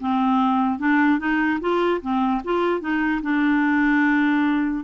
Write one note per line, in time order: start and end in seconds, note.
0.00 0.79 C4
0.79 1.19 D4
1.19 1.60 D#4
1.61 2.01 F4
2.02 2.42 C4
2.44 2.80 F4
2.80 3.21 D#4
3.22 4.84 D4